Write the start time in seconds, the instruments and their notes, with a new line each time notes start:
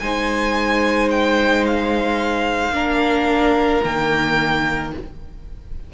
0.00 cello G#3, viola D#4, violin C5 G#5
1.11 violin G5
1.67 violin F5
2.72 cello A#3, viola D4, violin A#4
3.83 cello D#3, viola A#3, violin G5